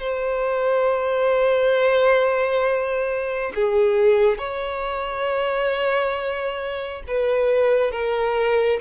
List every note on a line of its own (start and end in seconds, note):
0.00 3.53 C5
3.55 4.38 G#4
4.38 7.03 C#5
7.08 7.92 B4
7.92 8.80 A#4